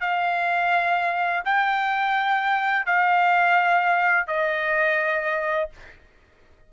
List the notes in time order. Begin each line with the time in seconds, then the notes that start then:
0.00 F5
1.44 G5
2.85 F5
4.27 D#5